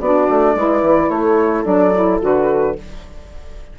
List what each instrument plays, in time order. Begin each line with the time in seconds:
0.00 bassoon B3, saxophone D4, horn F#4, flute D5
0.29 bassoon A3
0.55 bassoon G#3, saxophone E4, horn B4
0.82 bassoon E3
1.10 bassoon A3, horn A4, flute C#5
1.65 bassoon F#3, saxophone D4, flute D5
1.95 saxophone E4
2.22 bassoon D3, saxophone F#4, flute B4